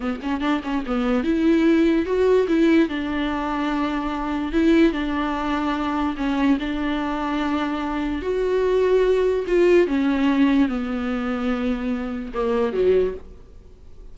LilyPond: \new Staff \with { instrumentName = "viola" } { \time 4/4 \tempo 4 = 146 b8 cis'8 d'8 cis'8 b4 e'4~ | e'4 fis'4 e'4 d'4~ | d'2. e'4 | d'2. cis'4 |
d'1 | fis'2. f'4 | cis'2 b2~ | b2 ais4 fis4 | }